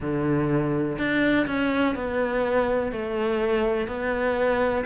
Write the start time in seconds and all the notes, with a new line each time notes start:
0.00 D3
0.98 D4
1.46 C#4
1.95 B3
2.92 A3
3.87 B3